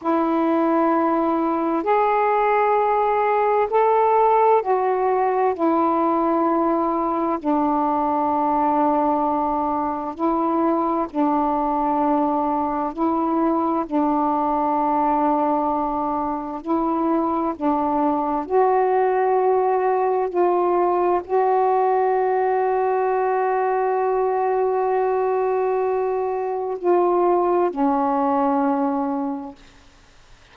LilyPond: \new Staff \with { instrumentName = "saxophone" } { \time 4/4 \tempo 4 = 65 e'2 gis'2 | a'4 fis'4 e'2 | d'2. e'4 | d'2 e'4 d'4~ |
d'2 e'4 d'4 | fis'2 f'4 fis'4~ | fis'1~ | fis'4 f'4 cis'2 | }